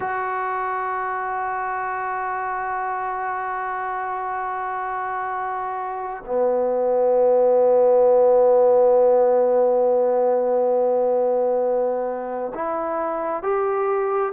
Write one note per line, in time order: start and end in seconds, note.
0.00 6.23 F#4
6.25 12.52 B3
12.54 13.42 E4
13.42 14.32 G4